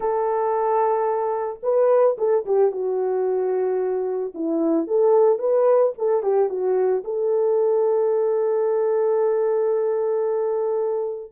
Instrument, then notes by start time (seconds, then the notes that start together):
horn
0.00 A4
1.62 B4
2.18 A4
2.45 G4
2.71 F#4
4.34 E4
4.87 A4
5.38 B4
5.97 A4
6.22 G4
6.49 F#4
7.04 A4